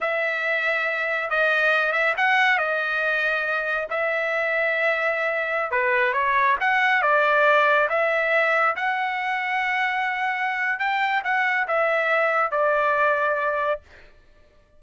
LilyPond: \new Staff \with { instrumentName = "trumpet" } { \time 4/4 \tempo 4 = 139 e''2. dis''4~ | dis''8 e''8 fis''4 dis''2~ | dis''4 e''2.~ | e''4~ e''16 b'4 cis''4 fis''8.~ |
fis''16 d''2 e''4.~ e''16~ | e''16 fis''2.~ fis''8.~ | fis''4 g''4 fis''4 e''4~ | e''4 d''2. | }